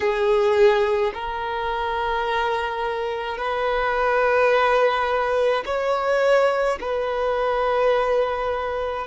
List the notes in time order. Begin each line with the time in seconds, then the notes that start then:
0.00 G#4
1.13 A#4
3.37 B4
5.66 C#5
6.80 B4